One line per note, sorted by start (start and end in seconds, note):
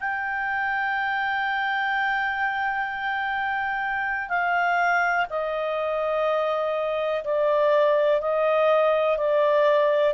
0.00 4.29 G5
4.29 5.26 F5
5.30 7.23 D#5
7.24 8.21 D5
8.21 9.18 D#5
9.18 10.14 D5